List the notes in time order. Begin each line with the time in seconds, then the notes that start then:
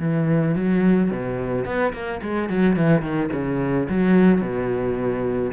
0.00 E3
0.55 F#3
1.11 B2
1.65 B3
1.93 A#3
2.22 G#3
2.49 F#3
2.76 E3
3.02 D#3
3.33 C#3
3.89 F#3
4.41 B2